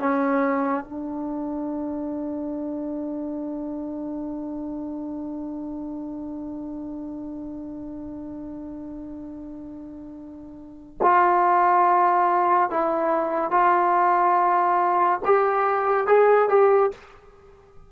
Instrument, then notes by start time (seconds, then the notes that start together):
trombone
0.00 C#4
0.85 D4
11.02 F4
12.71 E4
13.52 F4
15.25 G4
16.08 G#4
16.50 G4